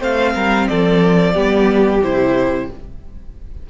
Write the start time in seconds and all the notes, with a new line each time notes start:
0.00 A3 C4 C5 F5
0.34 G3 A#4
0.68 F3 A4 D5
1.34 G3 B3 G4
2.03 C3 E4 C5